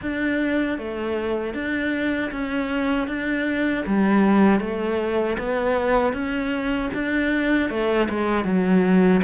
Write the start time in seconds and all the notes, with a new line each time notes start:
0.01 D4
0.78 A3
1.53 D4
2.31 C#4
3.07 D4
3.86 G3
4.60 A3
5.38 B3
6.13 C#4
6.94 D4
7.70 A3
8.09 G#3
8.44 F#3